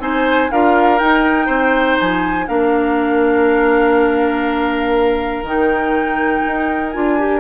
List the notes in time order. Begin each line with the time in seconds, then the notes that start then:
0.00 C4 D#4 C5 G#5
0.52 D4 F4 A#4 F5
0.99 D#4 G5
1.47 C4 C5
2.00 F3 G#5
2.47 A#3 D4 A#4 F5
5.43 D#3 D#4 G5
6.48 D#4
6.90 D4 F4 G#5
7.19 G4